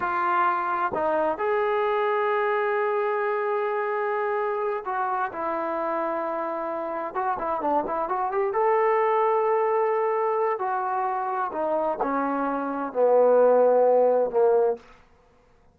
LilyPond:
\new Staff \with { instrumentName = "trombone" } { \time 4/4 \tempo 4 = 130 f'2 dis'4 gis'4~ | gis'1~ | gis'2~ gis'8 fis'4 e'8~ | e'2.~ e'8 fis'8 |
e'8 d'8 e'8 fis'8 g'8 a'4.~ | a'2. fis'4~ | fis'4 dis'4 cis'2 | b2. ais4 | }